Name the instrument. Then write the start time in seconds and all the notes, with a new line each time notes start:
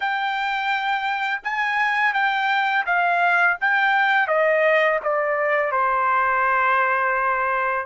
trumpet
0.00 G5
1.43 G#5
2.13 G5
2.86 F5
3.61 G5
4.27 D#5
5.03 D5
5.71 C5